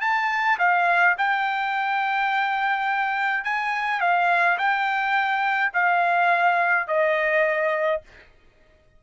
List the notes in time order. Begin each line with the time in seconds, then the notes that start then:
0.00 A5
0.58 F5
1.17 G5
3.44 G#5
4.00 F5
4.58 G5
5.73 F5
6.87 D#5